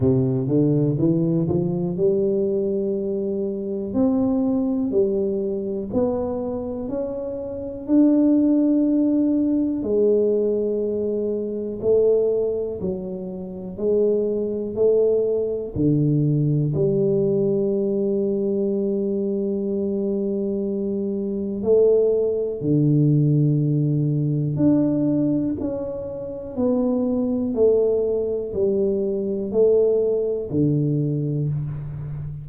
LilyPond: \new Staff \with { instrumentName = "tuba" } { \time 4/4 \tempo 4 = 61 c8 d8 e8 f8 g2 | c'4 g4 b4 cis'4 | d'2 gis2 | a4 fis4 gis4 a4 |
d4 g2.~ | g2 a4 d4~ | d4 d'4 cis'4 b4 | a4 g4 a4 d4 | }